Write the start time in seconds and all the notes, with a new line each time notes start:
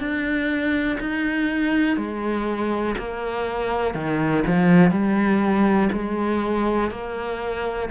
0.00 D4
1.01 D#4
1.97 G#3
2.99 A#3
3.95 D#3
4.47 F3
4.91 G3
5.93 G#3
6.91 A#3